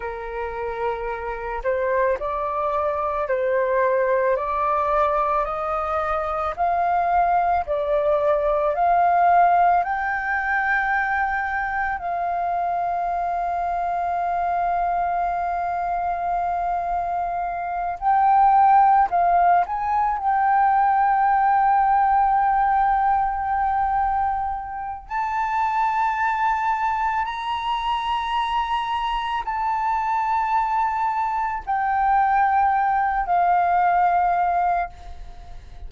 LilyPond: \new Staff \with { instrumentName = "flute" } { \time 4/4 \tempo 4 = 55 ais'4. c''8 d''4 c''4 | d''4 dis''4 f''4 d''4 | f''4 g''2 f''4~ | f''1~ |
f''8 g''4 f''8 gis''8 g''4.~ | g''2. a''4~ | a''4 ais''2 a''4~ | a''4 g''4. f''4. | }